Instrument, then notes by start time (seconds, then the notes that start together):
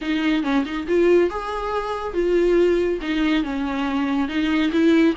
viola
0.01 D#4
0.43 C#4
0.65 D#4
0.87 F4
1.30 G#4
2.13 F4
3.01 D#4
3.43 C#4
4.28 D#4
4.72 E4